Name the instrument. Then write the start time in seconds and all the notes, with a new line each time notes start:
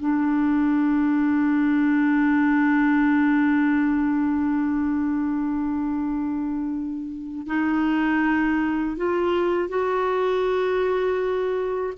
clarinet
0.00 D4
7.47 D#4
8.97 F4
9.69 F#4